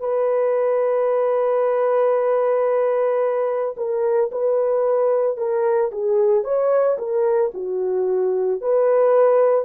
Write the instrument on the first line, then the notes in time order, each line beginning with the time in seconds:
horn
0.00 B4
3.76 A#4
4.31 B4
5.37 A#4
5.92 G#4
6.44 C#5
6.98 A#4
7.54 F#4
8.61 B4